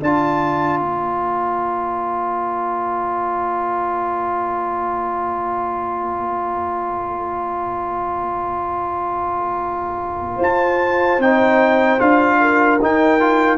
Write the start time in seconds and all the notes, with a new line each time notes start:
0.00 D4 F4 D5 A5
0.79 A#3 A#5
10.36 F4 C5
10.43 A5
11.18 C4 D#4 G5
11.99 D4 F4 F5
12.40 A#4
12.81 D#4 G5
13.20 F4